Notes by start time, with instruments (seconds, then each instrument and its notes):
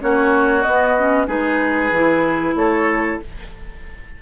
0.00 bassoon A#3, clarinet C#4, oboe F#4, flute C#5
0.62 clarinet B3, bassoon B3, flute D#5
0.98 clarinet C#4
1.27 bassoon G#3, clarinet D#4, oboe G#4, flute B4
1.92 bassoon E3, clarinet E4
2.56 bassoon A3, oboe A4, flute C#5